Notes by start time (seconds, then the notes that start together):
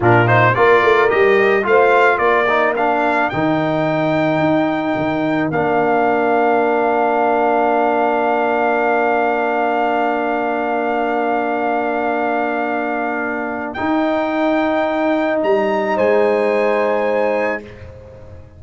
0.00 A#2 D4 F4 A#4
0.26 D#4 C5
0.54 A#3 F4 A#4 D5
0.83 A3
1.09 G3 G4 D#5
1.62 A3 F4 F5
1.68 C5
2.18 A#3 A#4 D5
2.48 D#4
2.76 D4 F5
3.29 D#3 D#4 G5
4.39 D#4
4.95 D#3
5.50 A#3 D4 F5
13.73 D#4 G5
15.43 G3 A#5
15.95 G#3 C5 G#5